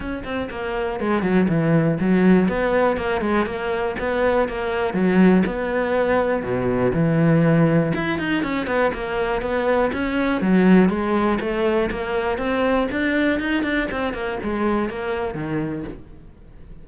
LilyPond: \new Staff \with { instrumentName = "cello" } { \time 4/4 \tempo 4 = 121 cis'8 c'8 ais4 gis8 fis8 e4 | fis4 b4 ais8 gis8 ais4 | b4 ais4 fis4 b4~ | b4 b,4 e2 |
e'8 dis'8 cis'8 b8 ais4 b4 | cis'4 fis4 gis4 a4 | ais4 c'4 d'4 dis'8 d'8 | c'8 ais8 gis4 ais4 dis4 | }